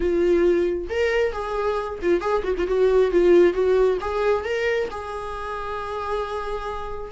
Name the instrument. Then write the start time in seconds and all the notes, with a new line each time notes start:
viola
0.00 F4
0.89 A#4
1.32 G#4
2.02 F4
2.20 G#4
2.43 F#4
2.57 F4
2.67 F#4
3.11 F4
3.53 F#4
4.01 G#4
4.44 A#4
4.91 G#4